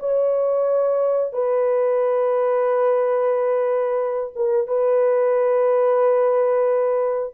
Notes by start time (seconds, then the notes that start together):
0.00 C#5
1.33 B4
4.36 A#4
4.68 B4